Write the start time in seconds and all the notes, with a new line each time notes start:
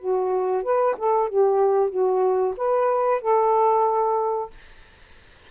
0.00 F#4
0.63 B4
0.98 A4
1.30 G4
1.90 F#4
2.58 B4
3.22 A4